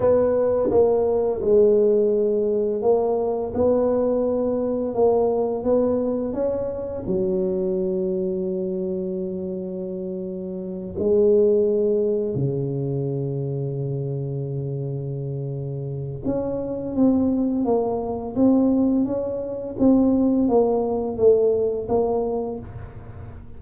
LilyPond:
\new Staff \with { instrumentName = "tuba" } { \time 4/4 \tempo 4 = 85 b4 ais4 gis2 | ais4 b2 ais4 | b4 cis'4 fis2~ | fis2.~ fis8 gis8~ |
gis4. cis2~ cis8~ | cis2. cis'4 | c'4 ais4 c'4 cis'4 | c'4 ais4 a4 ais4 | }